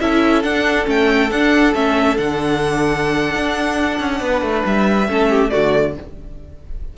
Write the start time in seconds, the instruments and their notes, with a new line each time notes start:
0.00 cello C#4, viola E4, violin A4 E5
0.42 viola D4, cello D4, violin F#5
0.85 cello A3, viola C#4, violin G5
1.30 cello D4, viola D4, violin F#5
1.74 cello A3, viola C#4, violin E5
2.16 cello D3, viola D4, violin F#5
3.35 cello D4
4.00 cello C#4
4.20 cello B3, violin B4
4.42 cello A3
4.65 cello G3, violin E5
5.08 cello A3, viola C#4, violin A4
5.29 violin G4
5.50 cello D3, viola A3, violin F#4 D5